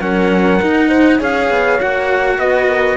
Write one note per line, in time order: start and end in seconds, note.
0.00 0.59 F#3
0.00 0.61 C#4
0.00 0.88 A#4
0.00 1.20 F#5
0.61 1.19 D#4
0.61 1.21 D#4
0.88 1.17 C5
1.18 1.50 C#4
1.18 1.78 G#4
1.18 2.36 C#5
1.18 1.80 F5
1.50 1.79 B3
1.78 2.38 A#3
1.78 2.97 F#4
1.78 2.39 F#5
2.38 2.97 B3
2.38 2.67 B4
2.38 2.97 D#5
2.67 2.97 A#4